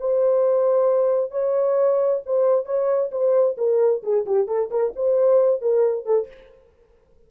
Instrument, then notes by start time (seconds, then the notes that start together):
horn
0.00 C5
1.31 C#5
2.26 C5
2.66 C#5
3.11 C5
3.57 A#4
4.03 G#4
4.26 G4
4.47 A4
4.71 A#4
4.96 C5
5.62 A#4
6.05 A4